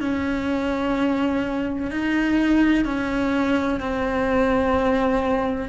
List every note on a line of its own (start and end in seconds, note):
0.00 1.90 C#4
1.90 2.84 D#4
2.84 3.80 C#4
3.80 5.69 C4